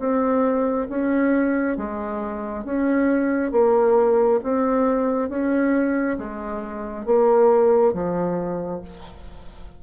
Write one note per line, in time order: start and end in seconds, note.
0.00 0.88 C4
0.90 1.78 C#4
1.78 2.65 G#3
2.65 3.52 C#4
3.52 4.40 A#3
4.44 5.30 C4
5.30 6.18 C#4
6.18 7.06 G#3
7.06 7.94 A#3
7.94 8.82 F3